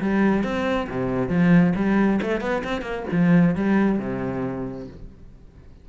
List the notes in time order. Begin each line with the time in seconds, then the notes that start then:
0.00 G3
0.43 C4
0.89 C3
1.28 F3
1.75 G3
2.22 A3
2.40 B3
2.64 C4
2.81 A#3
3.11 F3
3.55 G3
3.98 C3